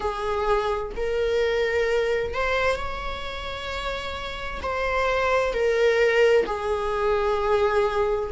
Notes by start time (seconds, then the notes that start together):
0.00 G#4
0.96 A#4
2.33 C5
2.76 C#5
4.62 C5
5.53 A#4
6.46 G#4